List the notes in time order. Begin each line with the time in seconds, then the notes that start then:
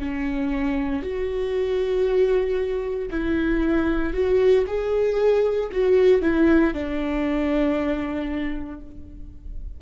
0.00 C#4
1.03 F#4
3.11 E4
4.14 F#4
4.67 G#4
5.73 F#4
6.23 E4
6.74 D4